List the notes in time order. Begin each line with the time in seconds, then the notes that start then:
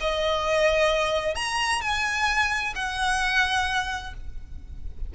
0.00 D#5
1.35 A#5
1.81 G#5
2.75 F#5